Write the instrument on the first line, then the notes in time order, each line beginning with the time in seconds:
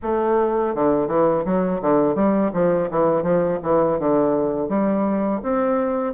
bassoon
0.02 A3
0.74 D3
1.07 E3
1.45 F#3
1.81 D3
2.15 G3
2.53 F3
2.90 E3
3.22 F3
3.62 E3
3.99 D3
4.69 G3
5.42 C4